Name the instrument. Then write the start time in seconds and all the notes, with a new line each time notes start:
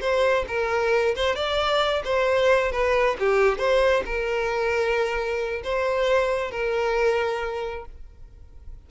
violin
0.00 C5
0.48 A#4
1.15 C5
1.35 D5
2.04 C5
2.71 B4
3.19 G4
3.58 C5
4.05 A#4
5.63 C5
6.50 A#4